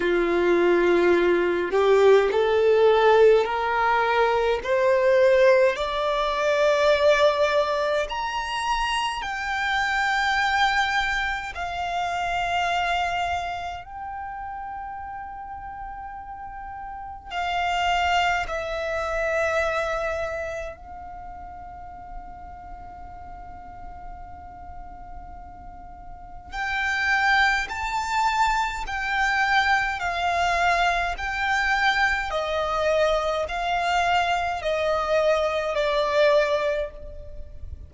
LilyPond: \new Staff \with { instrumentName = "violin" } { \time 4/4 \tempo 4 = 52 f'4. g'8 a'4 ais'4 | c''4 d''2 ais''4 | g''2 f''2 | g''2. f''4 |
e''2 f''2~ | f''2. g''4 | a''4 g''4 f''4 g''4 | dis''4 f''4 dis''4 d''4 | }